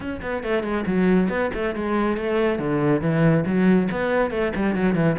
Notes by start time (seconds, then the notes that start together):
0.00 C#4
0.22 B3
0.43 A3
0.63 G#3
0.86 F#3
1.29 B3
1.54 A3
1.75 G#3
2.16 A3
2.58 D3
3.01 E3
3.45 F#3
3.91 B3
4.30 A3
4.55 G3
4.75 F#3
4.94 E3